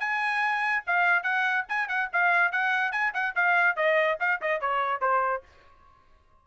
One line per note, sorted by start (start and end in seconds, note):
0.00 0.84 G#5
0.87 1.23 F5
1.23 1.65 F#5
1.69 1.88 G#5
1.88 2.09 F#5
2.13 2.52 F5
2.52 2.92 F#5
2.92 3.13 G#5
3.14 3.35 F#5
3.36 3.76 F5
3.76 4.18 D#5
4.20 4.41 F5
4.42 4.61 D#5
4.61 5.01 C#5
5.01 5.43 C5